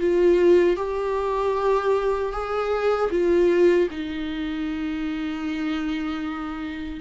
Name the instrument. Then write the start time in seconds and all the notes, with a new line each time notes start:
viola
0.00 F4
0.77 G4
2.32 G#4
3.11 F4
3.91 D#4